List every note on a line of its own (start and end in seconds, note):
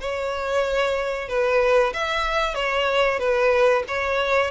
0.00 1.28 C#5
1.28 1.93 B4
1.93 2.54 E5
2.54 3.19 C#5
3.19 3.83 B4
3.88 4.50 C#5